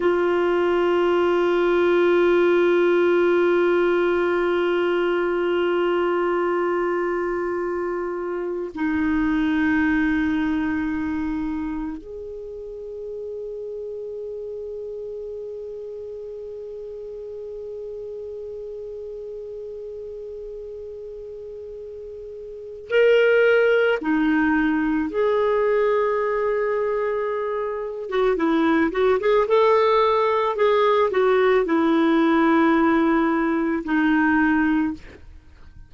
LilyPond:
\new Staff \with { instrumentName = "clarinet" } { \time 4/4 \tempo 4 = 55 f'1~ | f'1 | dis'2. gis'4~ | gis'1~ |
gis'1~ | gis'4 ais'4 dis'4 gis'4~ | gis'4.~ gis'16 fis'16 e'8 fis'16 gis'16 a'4 | gis'8 fis'8 e'2 dis'4 | }